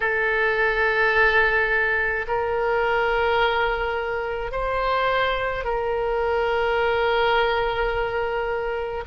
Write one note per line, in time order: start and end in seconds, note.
0.00 2.25 A4
2.27 4.51 A#4
4.51 5.64 C5
5.64 9.04 A#4